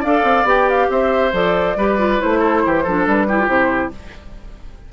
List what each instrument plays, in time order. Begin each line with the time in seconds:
0.00 bassoon D4, clarinet A4, oboe D5, flute F5
0.23 bassoon C4
0.43 bassoon B3, clarinet G4, flute G5
0.69 flute F5
0.89 bassoon C4, oboe C5, flute E5
1.32 bassoon F3, clarinet A4, flute D5
1.75 bassoon G3, clarinet G4, oboe B4
1.98 clarinet F4
2.18 bassoon A3, clarinet E4, flute C5
2.39 oboe A4
2.66 bassoon E3, oboe G4
2.83 bassoon F3, clarinet D4, oboe A4
3.06 bassoon G3, flute B4
3.28 clarinet E4, oboe G4
3.38 clarinet F4
3.47 bassoon C3, clarinet E4, flute C5